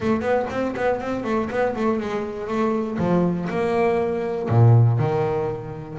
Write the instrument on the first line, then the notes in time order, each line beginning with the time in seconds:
double bass
0.00 A3
0.21 B3
0.50 C4
0.76 B3
1.00 C4
1.24 A3
1.50 B3
1.75 A3
2.00 G#3
2.48 A3
2.98 F3
3.49 A#3
4.48 A#2
4.98 D#3